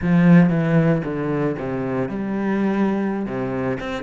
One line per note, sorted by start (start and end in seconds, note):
0.01 0.49 F3
0.49 1.02 E3
1.04 1.56 D3
1.58 2.08 C3
2.08 3.25 G3
3.25 3.78 C3
3.80 4.03 C4